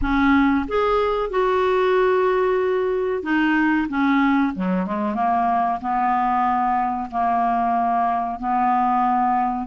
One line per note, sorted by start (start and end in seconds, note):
0.01 0.66 C#4
0.68 1.29 G#4
1.29 3.23 F#4
3.23 3.87 D#4
3.89 4.53 C#4
4.54 4.86 F#3
4.86 5.14 G#3
5.14 5.79 A#3
5.80 7.09 B3
7.10 8.39 A#3
8.39 9.67 B3